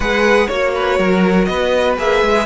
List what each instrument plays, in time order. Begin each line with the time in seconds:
0.00 cello G#3, viola G#4, violin B4 F#5
0.46 cello A#3, viola F#4, violin C#5
0.74 violin B4
0.98 cello F#3, violin A#4
1.44 cello B3, violin B4 D#5
1.97 cello A#3, viola G#4, violin E5
2.22 cello G#3